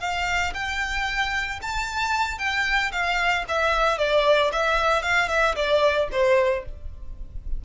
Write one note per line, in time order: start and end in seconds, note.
0.00 0.53 F5
0.54 1.60 G5
1.62 2.38 A5
2.38 2.92 G5
2.92 3.45 F5
3.48 3.98 E5
3.98 4.51 D5
4.53 5.02 E5
5.02 5.29 F5
5.29 5.55 E5
5.56 6.09 D5
6.12 6.65 C5